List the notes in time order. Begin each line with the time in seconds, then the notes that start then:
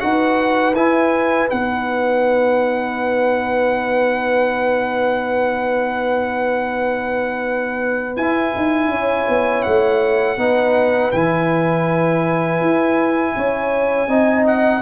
0.00 D#4 F#4 B4 F#5
0.74 E4 G#5
1.50 B3 D#4 F#5
8.17 E4 G#5
8.56 D#4
8.88 C#4 C#5
9.28 B3
9.63 A3 F#5
10.37 B3 D#4 B4
11.11 E3 E4 G#5
12.60 E4
13.36 C#4 C#5
14.07 C4 D#4 D#5
14.47 F#5